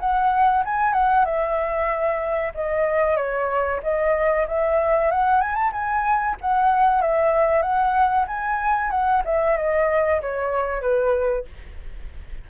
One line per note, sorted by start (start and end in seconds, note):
0.00 0.64 F#5
0.65 0.93 G#5
0.93 1.25 F#5
1.25 2.53 E5
2.54 3.17 D#5
3.17 3.81 C#5
3.83 4.47 D#5
4.48 5.11 E5
5.11 5.41 F#5
5.41 5.55 G#5
5.55 5.71 A5
5.72 6.36 G#5
6.41 7.02 F#5
7.02 7.62 E5
7.62 8.26 F#5
8.27 8.91 G#5
8.91 9.23 F#5
9.25 9.57 E5
9.57 10.21 D#5
10.22 10.81 C#5
10.81 11.45 B4